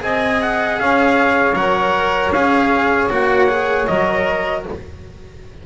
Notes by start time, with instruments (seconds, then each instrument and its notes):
0.00 double bass C4, cello G#4, saxophone D#5, trumpet G#5
0.42 trumpet F#5
0.80 double bass C#4, saxophone C#5, trumpet F5
1.54 double bass F#3, cello A#4, trumpet F#5
2.32 double bass C#4, cello G#4, trumpet F5
3.10 double bass A#3, cello F#4, trumpet F#5
3.49 cello G#4
3.87 double bass F#3, cello A#4, trumpet D#5